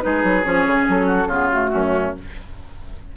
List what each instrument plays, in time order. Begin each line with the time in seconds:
0.00 bassoon G#3, clarinet D#4, oboe G#4, flute B4
0.23 bassoon F#3
0.43 bassoon F3, clarinet C#4, flute C#5
0.66 bassoon C#3
0.88 bassoon F#3, flute A4
1.06 oboe F#4
1.26 bassoon C#3, clarinet B3, oboe F4, flute G#4
1.49 clarinet A3, flute F#4
1.73 bassoon F#2, oboe C#4